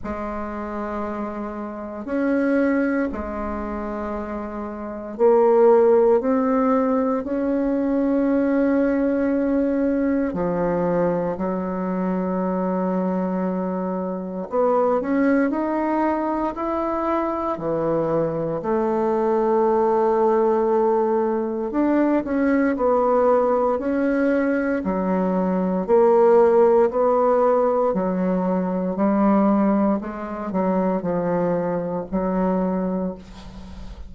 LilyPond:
\new Staff \with { instrumentName = "bassoon" } { \time 4/4 \tempo 4 = 58 gis2 cis'4 gis4~ | gis4 ais4 c'4 cis'4~ | cis'2 f4 fis4~ | fis2 b8 cis'8 dis'4 |
e'4 e4 a2~ | a4 d'8 cis'8 b4 cis'4 | fis4 ais4 b4 fis4 | g4 gis8 fis8 f4 fis4 | }